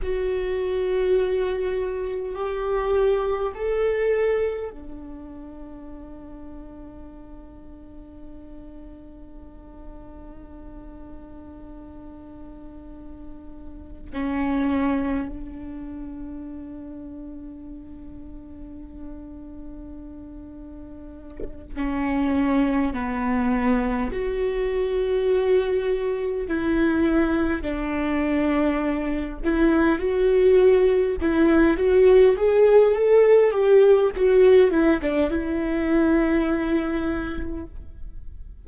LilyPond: \new Staff \with { instrumentName = "viola" } { \time 4/4 \tempo 4 = 51 fis'2 g'4 a'4 | d'1~ | d'1 | cis'4 d'2.~ |
d'2~ d'8 cis'4 b8~ | b8 fis'2 e'4 d'8~ | d'4 e'8 fis'4 e'8 fis'8 gis'8 | a'8 g'8 fis'8 e'16 d'16 e'2 | }